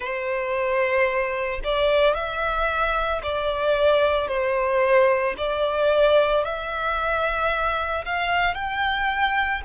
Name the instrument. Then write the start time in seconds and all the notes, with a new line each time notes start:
violin
0.00 C5
1.64 D5
2.14 E5
3.22 D5
4.27 C5
5.37 D5
6.44 E5
8.05 F5
8.54 G5